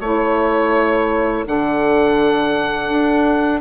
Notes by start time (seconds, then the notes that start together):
0.00 A3 E4 C#5
1.45 D3 D4 A4 F#5
2.89 D4